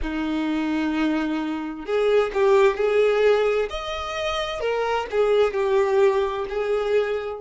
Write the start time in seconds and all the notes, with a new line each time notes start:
0.02 D#4
1.85 G#4
2.33 G4
2.77 G#4
3.70 D#5
4.60 A#4
5.11 G#4
5.53 G4
6.49 G#4